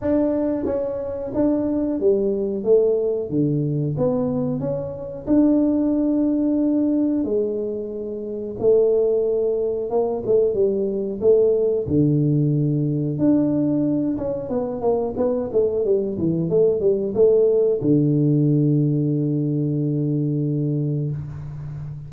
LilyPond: \new Staff \with { instrumentName = "tuba" } { \time 4/4 \tempo 4 = 91 d'4 cis'4 d'4 g4 | a4 d4 b4 cis'4 | d'2. gis4~ | gis4 a2 ais8 a8 |
g4 a4 d2 | d'4. cis'8 b8 ais8 b8 a8 | g8 e8 a8 g8 a4 d4~ | d1 | }